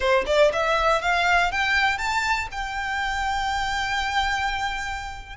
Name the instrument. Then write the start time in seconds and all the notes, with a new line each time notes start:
violin
0.00 C5
0.26 D5
0.52 E5
1.01 F5
1.51 G5
1.97 A5
2.51 G5